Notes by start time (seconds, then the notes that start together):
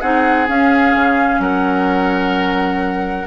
0.00 C4 D#4 G#4 F#5
0.47 C#4 F5
0.94 C#3
1.38 F#3 A#4 F#5